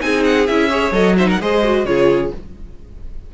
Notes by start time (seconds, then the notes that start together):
0.00 C4 D#4 G#4 G#5
0.24 F#5
0.46 C#4 E4 E5
0.69 G#4 C#5
0.91 F#3 A4 D#5
1.17 D#4 C5 E5
1.28 A#4 F#5
1.41 G#3 G#4 C5 D#5
1.64 F#4
1.85 C#3 F4 G#4 C#5